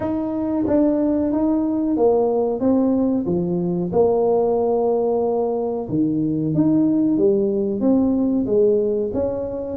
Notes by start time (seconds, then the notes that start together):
0.00 D#4
0.67 D4
1.32 D#4
1.96 A#3
2.60 C4
3.25 F3
3.92 A#3
5.89 D#3
6.54 D#4
7.17 G3
7.80 C4
8.45 G#3
9.13 C#4